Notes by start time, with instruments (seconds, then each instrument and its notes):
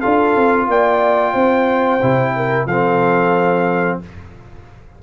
0.00 tuba D4, trombone F4, horn A4, trumpet F5
0.36 tuba C4
0.67 tuba A#3, horn D5, trumpet G5
1.33 tuba C4, horn C5
2.02 tuba C3, trombone E4
2.36 horn A#4
2.65 tuba F3, trombone C4, horn A4, trumpet F5